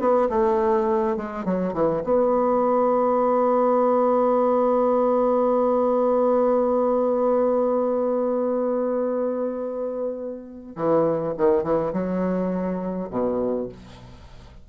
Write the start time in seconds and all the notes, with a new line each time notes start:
0.00 B3
0.30 A3
1.17 G#3
1.45 F#3
1.74 E3
2.04 B3
10.76 E3
11.38 D#3
11.64 E3
11.93 F#3
13.11 B2